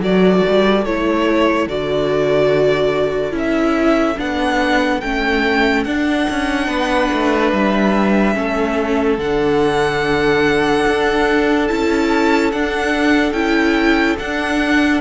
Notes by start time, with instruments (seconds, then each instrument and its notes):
0.00 cello F#3, viola F#4, violin A4 D5
0.49 cello G3
0.85 cello A3, viola E4, violin C#5
1.67 cello D3, viola F#4, violin D5
3.32 cello C#4, viola E4
3.39 violin E5
4.17 cello B3, viola D4, violin F#5
5.01 cello A3, viola C#4, violin G5
5.84 cello D4, viola D4, violin F#5
6.30 cello C#4
6.68 cello B3, violin B4
7.13 cello A3
7.52 cello G3, violin E5
8.34 cello A3, viola C#4, violin A4
9.18 cello D3, viola D4, violin F#5
10.87 cello D4
11.68 cello C#4, viola E4, violin A5
12.52 cello D4, viola D4, violin F#5
13.32 cello C#4, viola E4, violin G5
14.19 viola D4, cello D4, violin F#5